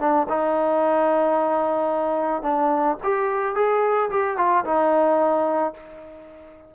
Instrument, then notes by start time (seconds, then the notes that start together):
trombone
0.00 D4
0.29 D#4
2.42 D4
3.03 G4
3.55 G#4
4.10 G4
4.37 F4
4.65 D#4